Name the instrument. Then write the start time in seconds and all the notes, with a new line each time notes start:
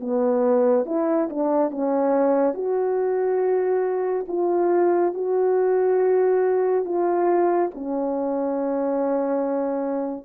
horn
0.00 B3
0.86 E4
1.30 D4
1.71 C#4
2.54 F#4
4.28 F4
5.14 F#4
6.85 F4
7.75 C#4